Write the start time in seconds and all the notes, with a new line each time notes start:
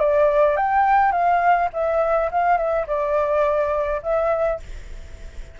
0.00 D5
0.56 G5
1.12 F5
1.73 E5
2.31 F5
2.57 E5
2.87 D5
4.02 E5